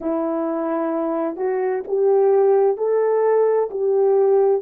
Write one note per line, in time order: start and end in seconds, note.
0.00 1.36 E4
1.36 1.82 F#4
1.87 2.77 G4
2.77 3.69 A4
3.70 4.62 G4